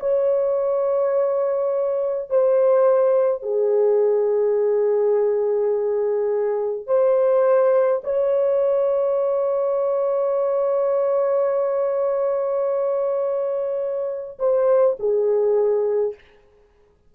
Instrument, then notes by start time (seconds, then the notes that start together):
horn
0.00 C#5
2.30 C5
3.42 G#4
6.87 C5
8.03 C#5
14.39 C5
14.99 G#4